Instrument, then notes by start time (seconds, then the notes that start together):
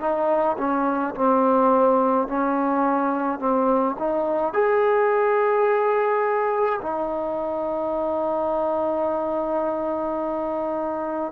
trombone
0.00 D#4
0.58 C#4
1.15 C4
2.28 C#4
3.40 C4
3.99 D#4
4.54 G#4
6.82 D#4